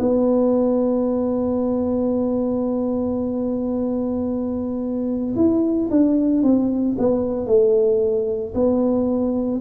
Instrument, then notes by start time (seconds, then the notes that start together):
tuba
0.00 B3
5.36 E4
5.90 D4
6.43 C4
6.99 B3
7.47 A3
8.55 B3